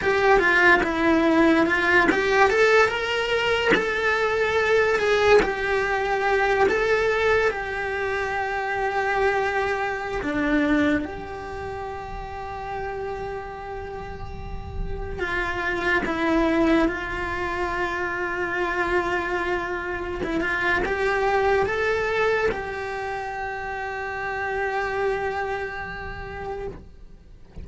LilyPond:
\new Staff \with { instrumentName = "cello" } { \time 4/4 \tempo 4 = 72 g'8 f'8 e'4 f'8 g'8 a'8 ais'8~ | ais'8 a'4. gis'8 g'4. | a'4 g'2.~ | g'16 d'4 g'2~ g'8.~ |
g'2~ g'16 f'4 e'8.~ | e'16 f'2.~ f'8.~ | f'16 e'16 f'8 g'4 a'4 g'4~ | g'1 | }